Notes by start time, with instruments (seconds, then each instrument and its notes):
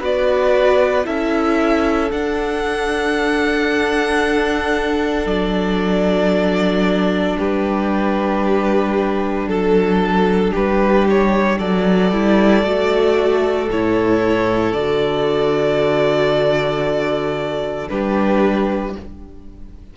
0.00 cello B3, viola F#4, violin B4 D5
1.05 cello C#4, viola E4, violin A4 E5
2.11 viola D4, cello D4, violin F#5
5.26 cello F#3, violin D5
7.38 cello G3, violin G4 B4
9.47 cello F#3, violin A4
10.52 cello G3, violin G4 B4
11.09 violin C#5
11.58 cello F#3, violin A4 D5
12.12 cello G3, viola E4
12.63 cello A3, viola F#4
13.70 cello A2, viola E4, violin C#5
14.72 cello D3, viola F#4, violin D5
17.89 cello G3, viola D4, violin G4 B4